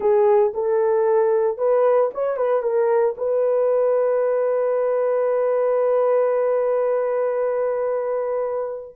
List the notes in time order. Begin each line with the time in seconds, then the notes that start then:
0.00 G#4
0.54 A4
1.57 B4
2.14 C#5
2.36 B4
2.62 A#4
3.17 B4